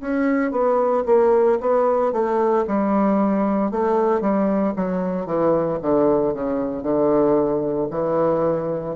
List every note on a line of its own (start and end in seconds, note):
0.00 0.51 C#4
0.51 1.03 B3
1.06 1.58 A#3
1.60 2.12 B3
2.12 2.65 A3
2.67 3.71 G3
3.71 4.21 A3
4.21 4.73 G3
4.76 5.25 F#3
5.25 5.78 E3
5.82 6.33 D3
6.33 6.82 C#3
6.82 7.88 D3
7.90 8.96 E3